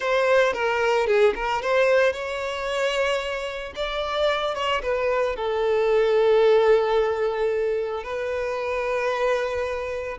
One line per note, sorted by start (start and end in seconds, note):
0.00 0.53 C5
0.53 1.06 A#4
1.06 1.33 G#4
1.35 1.62 A#4
1.62 2.12 C5
2.12 3.73 C#5
3.75 4.55 D5
4.55 4.81 C#5
4.82 5.36 B4
5.36 8.03 A4
8.03 10.18 B4